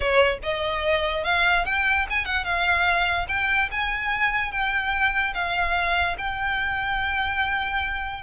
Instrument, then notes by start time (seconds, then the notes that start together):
violin
0.00 C#5
0.42 D#5
1.24 F5
1.65 G5
2.10 G#5
2.25 F#5
2.44 F5
3.28 G5
3.71 G#5
4.51 G5
5.33 F5
6.18 G5